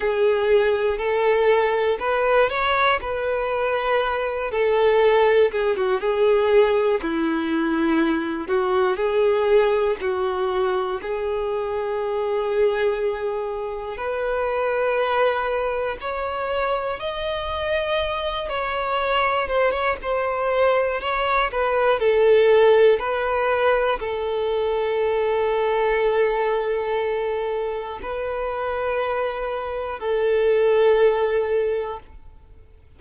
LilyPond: \new Staff \with { instrumentName = "violin" } { \time 4/4 \tempo 4 = 60 gis'4 a'4 b'8 cis''8 b'4~ | b'8 a'4 gis'16 fis'16 gis'4 e'4~ | e'8 fis'8 gis'4 fis'4 gis'4~ | gis'2 b'2 |
cis''4 dis''4. cis''4 c''16 cis''16 | c''4 cis''8 b'8 a'4 b'4 | a'1 | b'2 a'2 | }